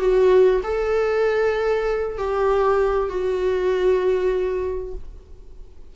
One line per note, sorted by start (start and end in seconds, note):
0.00 0.62 F#4
0.64 2.18 A4
2.18 3.09 G4
3.09 4.95 F#4